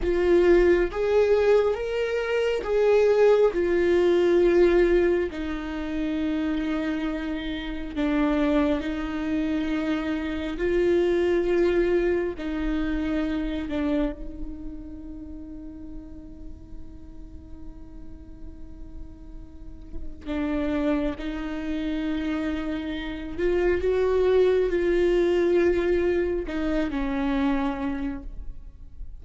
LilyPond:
\new Staff \with { instrumentName = "viola" } { \time 4/4 \tempo 4 = 68 f'4 gis'4 ais'4 gis'4 | f'2 dis'2~ | dis'4 d'4 dis'2 | f'2 dis'4. d'8 |
dis'1~ | dis'2. d'4 | dis'2~ dis'8 f'8 fis'4 | f'2 dis'8 cis'4. | }